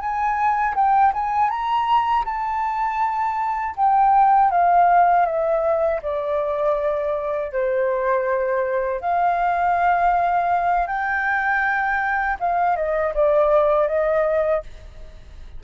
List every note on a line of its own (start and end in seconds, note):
0.00 0.75 G#5
0.76 1.13 G5
1.14 1.50 G#5
1.50 2.25 A#5
2.26 3.76 A5
3.76 4.51 G5
4.51 5.26 F5
5.26 6.01 E5
6.03 7.53 D5
7.53 9.01 C5
9.01 10.87 F5
10.87 12.37 G5
12.40 12.76 F5
12.76 13.14 D#5
13.15 13.89 D5
13.89 14.64 D#5